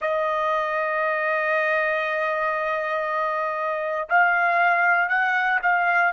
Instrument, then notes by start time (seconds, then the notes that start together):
trumpet
0.00 D#5
4.09 F5
5.08 F#5
5.62 F5